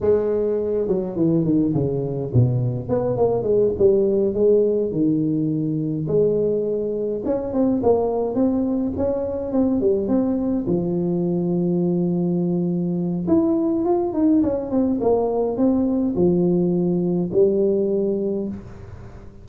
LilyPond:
\new Staff \with { instrumentName = "tuba" } { \time 4/4 \tempo 4 = 104 gis4. fis8 e8 dis8 cis4 | b,4 b8 ais8 gis8 g4 gis8~ | gis8 dis2 gis4.~ | gis8 cis'8 c'8 ais4 c'4 cis'8~ |
cis'8 c'8 g8 c'4 f4.~ | f2. e'4 | f'8 dis'8 cis'8 c'8 ais4 c'4 | f2 g2 | }